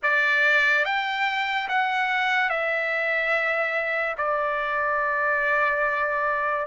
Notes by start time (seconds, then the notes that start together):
0.02 D5
0.84 G5
1.68 F#5
2.49 E5
4.17 D5